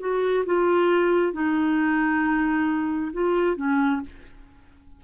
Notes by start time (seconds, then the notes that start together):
0.00 F#4
0.46 F4
1.34 D#4
3.13 F4
3.57 C#4